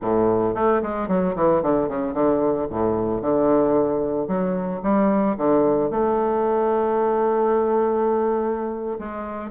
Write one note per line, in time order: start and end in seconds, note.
0.01 0.55 A2
0.55 0.81 A3
0.82 1.07 G#3
1.07 1.34 F#3
1.35 1.62 E3
1.62 1.88 D3
1.88 2.13 C#3
2.13 2.67 D3
2.70 3.21 A2
3.21 4.27 D3
4.27 4.81 F#3
4.83 5.36 G3
5.37 5.90 D3
5.90 8.98 A3
8.99 9.50 G#3